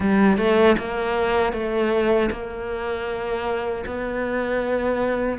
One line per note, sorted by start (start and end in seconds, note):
0.00 0.37 G3
0.37 0.76 A3
0.78 1.52 A#3
1.52 2.29 A3
2.31 3.85 A#3
3.85 5.38 B3